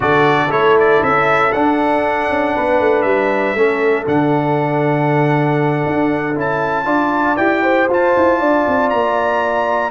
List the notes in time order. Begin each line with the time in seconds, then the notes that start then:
0.00 D3 F#4 A4 D5
0.49 A3 E4 C#5
0.79 D5
1.02 C#4 E5
1.52 D4 F#5
2.29 C#4
2.55 B3 B4
2.79 A3
3.02 G3 E5
3.54 A3 C#4 A4
4.05 D3 D4 F#5
5.86 D4
6.35 C#4 E4 A5
6.84 D4 F4 D5
7.36 E4 G4 G5
7.62 C5
7.89 F4 A5
8.16 E4
8.38 D4 D5
8.67 C4
8.89 A#3 A#5